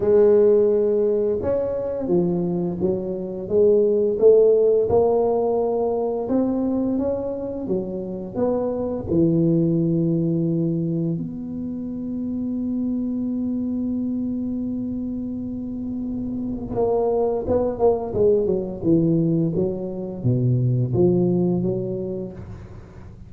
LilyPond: \new Staff \with { instrumentName = "tuba" } { \time 4/4 \tempo 4 = 86 gis2 cis'4 f4 | fis4 gis4 a4 ais4~ | ais4 c'4 cis'4 fis4 | b4 e2. |
b1~ | b1 | ais4 b8 ais8 gis8 fis8 e4 | fis4 b,4 f4 fis4 | }